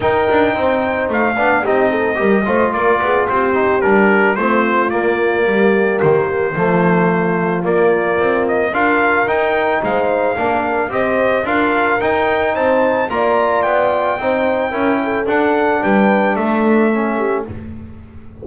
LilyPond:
<<
  \new Staff \with { instrumentName = "trumpet" } { \time 4/4 \tempo 4 = 110 g''2 f''4 dis''4~ | dis''4 d''4 c''4 ais'4 | c''4 d''2 c''4~ | c''2 d''4. dis''8 |
f''4 g''4 f''2 | dis''4 f''4 g''4 a''4 | ais''4 g''2. | fis''4 g''4 e''2 | }
  \new Staff \with { instrumentName = "horn" } { \time 4/4 ais'4 c''4. d''8 g'8 a'8 | ais'8 c''8 ais'8 gis'8 g'2 | f'2 g'2 | f'1 |
ais'2 c''4 ais'4 | c''4 ais'2 c''4 | d''2 c''4 ais'8 a'8~ | a'4 b'4 a'4. g'8 | }
  \new Staff \with { instrumentName = "trombone" } { \time 4/4 dis'2~ dis'8 d'8 dis'4 | g'8 f'2 dis'8 d'4 | c'4 ais2. | a2 ais2 |
f'4 dis'2 d'4 | g'4 f'4 dis'2 | f'2 dis'4 e'4 | d'2. cis'4 | }
  \new Staff \with { instrumentName = "double bass" } { \time 4/4 dis'8 d'8 c'4 a8 b8 c'4 | g8 a8 ais8 b8 c'4 g4 | a4 ais4 g4 dis4 | f2 ais4 c'4 |
d'4 dis'4 gis4 ais4 | c'4 d'4 dis'4 c'4 | ais4 b4 c'4 cis'4 | d'4 g4 a2 | }
>>